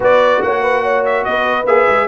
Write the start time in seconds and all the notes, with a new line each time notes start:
0.00 B3 F#4 B4 D5
0.42 A#3 C#5 F#5
0.62 B4
0.82 C#5
1.05 E5
1.24 B3 B4 D#5
1.65 A#3 G#4 E5
1.88 G#3